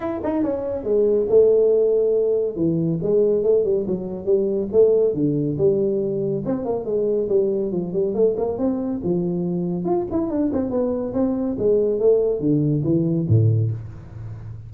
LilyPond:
\new Staff \with { instrumentName = "tuba" } { \time 4/4 \tempo 4 = 140 e'8 dis'8 cis'4 gis4 a4~ | a2 e4 gis4 | a8 g8 fis4 g4 a4 | d4 g2 c'8 ais8 |
gis4 g4 f8 g8 a8 ais8 | c'4 f2 f'8 e'8 | d'8 c'8 b4 c'4 gis4 | a4 d4 e4 a,4 | }